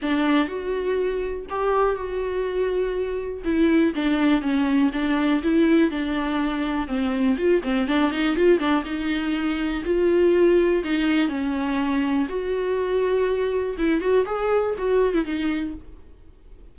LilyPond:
\new Staff \with { instrumentName = "viola" } { \time 4/4 \tempo 4 = 122 d'4 fis'2 g'4 | fis'2. e'4 | d'4 cis'4 d'4 e'4 | d'2 c'4 f'8 c'8 |
d'8 dis'8 f'8 d'8 dis'2 | f'2 dis'4 cis'4~ | cis'4 fis'2. | e'8 fis'8 gis'4 fis'8. e'16 dis'4 | }